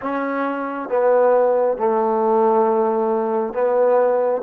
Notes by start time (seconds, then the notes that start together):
0.01 C#4
0.89 B3
1.77 A3
3.53 B3